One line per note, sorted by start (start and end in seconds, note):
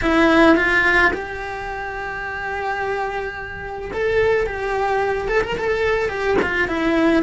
0.01 0.56 E4
0.56 1.12 F4
1.13 3.91 G4
3.93 4.46 A4
4.46 5.28 G4
5.28 5.41 A4
5.43 5.57 A#4
5.57 6.09 A4
6.09 6.36 G4
6.42 6.68 F4
6.68 7.22 E4